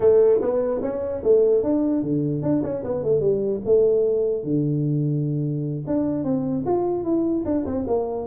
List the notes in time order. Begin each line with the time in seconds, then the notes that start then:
0.00 A3
0.41 B3
0.81 C#4
1.23 A3
1.63 D4
2.02 D3
2.42 D4
2.63 C#4
2.83 B3
3.03 A3
3.20 G3
3.65 A3
4.43 D3
5.86 D4
6.24 C4
6.66 F4
7.03 E4
7.45 D4
7.65 C4
7.87 A#3